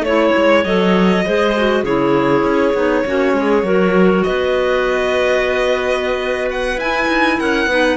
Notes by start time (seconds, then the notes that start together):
0.00 A3 E4 C#5
0.37 G#3
0.65 F#3 A4 D#5
1.26 G#3 G#4 C5
1.57 F#4
1.84 C#3 E4 G#4 C#5
2.44 C#4
2.74 B3 D#4
3.05 A#3 C#4 F#4
3.33 G#3 G#4
3.63 F#3 F#4 A#4
4.24 B3 B4 D#5
6.51 F#5
6.77 E4 G#5
7.08 D#4
7.40 C#4 A#4 F#5
7.67 B3 D#4 B4